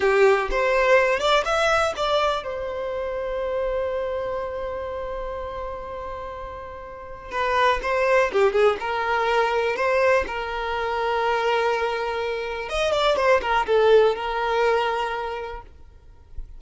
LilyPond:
\new Staff \with { instrumentName = "violin" } { \time 4/4 \tempo 4 = 123 g'4 c''4. d''8 e''4 | d''4 c''2.~ | c''1~ | c''2. b'4 |
c''4 g'8 gis'8 ais'2 | c''4 ais'2.~ | ais'2 dis''8 d''8 c''8 ais'8 | a'4 ais'2. | }